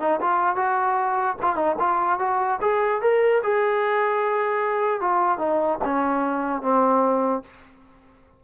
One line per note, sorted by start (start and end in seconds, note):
0.00 0.20 D#4
0.21 0.56 F4
0.56 1.37 F#4
1.42 1.56 F4
1.56 1.76 D#4
1.79 2.19 F4
2.19 2.60 F#4
2.62 3.02 G#4
3.02 3.42 A#4
3.44 5.01 G#4
5.01 5.39 F4
5.39 5.79 D#4
5.85 6.62 C#4
6.62 7.43 C4